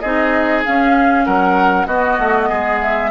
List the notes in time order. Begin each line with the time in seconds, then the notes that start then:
0.00 C4 D#4 G#4 D#5
0.65 C#4 F5
1.25 F#3 A#4 F#5
1.86 B3 F#4 D#5
2.19 A3
2.49 G#3 G#4
2.81 E5